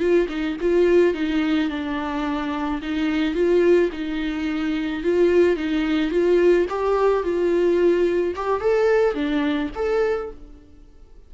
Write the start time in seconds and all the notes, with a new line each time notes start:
0.00 F4
0.29 D#4
0.61 F4
1.14 D#4
1.70 D4
2.82 D#4
3.35 F4
3.93 D#4
5.04 F4
5.57 D#4
6.11 F4
6.69 G4
7.24 F4
8.36 G4
8.61 A4
9.15 D4
9.76 A4